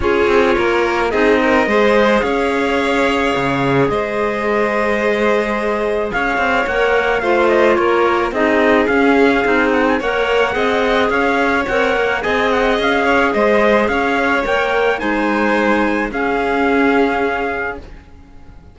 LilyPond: <<
  \new Staff \with { instrumentName = "trumpet" } { \time 4/4 \tempo 4 = 108 cis''2 dis''2 | f''2. dis''4~ | dis''2. f''4 | fis''4 f''8 dis''8 cis''4 dis''4 |
f''4. fis''16 gis''16 fis''2 | f''4 fis''4 gis''8 fis''8 f''4 | dis''4 f''4 g''4 gis''4~ | gis''4 f''2. | }
  \new Staff \with { instrumentName = "violin" } { \time 4/4 gis'4 ais'4 gis'8 ais'8 c''4 | cis''2. c''4~ | c''2. cis''4~ | cis''4 c''4 ais'4 gis'4~ |
gis'2 cis''4 dis''4 | cis''2 dis''4. cis''8 | c''4 cis''2 c''4~ | c''4 gis'2. | }
  \new Staff \with { instrumentName = "clarinet" } { \time 4/4 f'2 dis'4 gis'4~ | gis'1~ | gis'1 | ais'4 f'2 dis'4 |
cis'4 dis'4 ais'4 gis'4~ | gis'4 ais'4 gis'2~ | gis'2 ais'4 dis'4~ | dis'4 cis'2. | }
  \new Staff \with { instrumentName = "cello" } { \time 4/4 cis'8 c'8 ais4 c'4 gis4 | cis'2 cis4 gis4~ | gis2. cis'8 c'8 | ais4 a4 ais4 c'4 |
cis'4 c'4 ais4 c'4 | cis'4 c'8 ais8 c'4 cis'4 | gis4 cis'4 ais4 gis4~ | gis4 cis'2. | }
>>